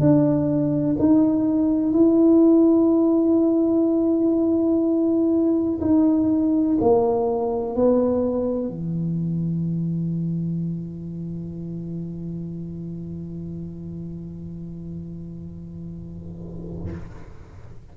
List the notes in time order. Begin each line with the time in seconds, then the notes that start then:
0.00 D4
0.99 D#4
1.93 E4
5.81 D#4
6.81 A#3
7.76 B3
8.69 E3